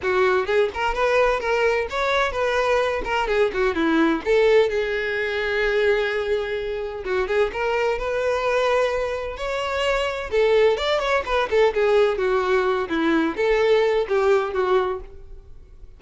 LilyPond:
\new Staff \with { instrumentName = "violin" } { \time 4/4 \tempo 4 = 128 fis'4 gis'8 ais'8 b'4 ais'4 | cis''4 b'4. ais'8 gis'8 fis'8 | e'4 a'4 gis'2~ | gis'2. fis'8 gis'8 |
ais'4 b'2. | cis''2 a'4 d''8 cis''8 | b'8 a'8 gis'4 fis'4. e'8~ | e'8 a'4. g'4 fis'4 | }